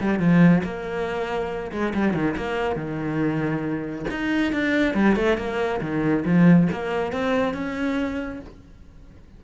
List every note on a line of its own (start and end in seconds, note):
0.00 0.19 G3
0.19 0.62 F3
0.63 1.71 A#3
1.71 1.93 G#3
1.94 2.13 G3
2.13 2.35 D#3
2.36 2.75 A#3
2.75 4.05 D#3
4.10 4.52 D#4
4.52 4.94 D4
4.94 5.15 G3
5.15 5.37 A3
5.37 5.80 A#3
5.81 6.24 D#3
6.25 6.68 F3
6.72 7.12 A#3
7.12 7.54 C4
7.54 8.40 C#4